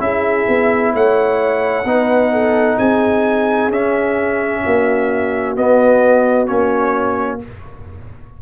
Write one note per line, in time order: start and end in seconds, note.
0.00 0.47 C#4
0.00 1.85 E4
0.00 0.94 G#4
0.00 0.93 E5
0.48 0.94 B3
0.94 1.85 A3
0.94 1.87 C#5
0.94 2.79 F#5
1.85 2.77 B3
1.85 3.72 D#4
1.85 2.32 B4
2.32 2.78 A4
2.78 3.69 C4
2.78 4.62 G#4
2.78 3.71 G#5
3.69 4.61 C#4
3.69 5.57 C#4
3.69 5.57 E5
4.64 5.57 A#3
4.64 7.41 F#4
5.57 6.47 B3
5.57 6.49 B3
5.57 6.47 D#5
6.47 7.42 A#3
6.47 7.39 C#4
6.47 7.40 C#5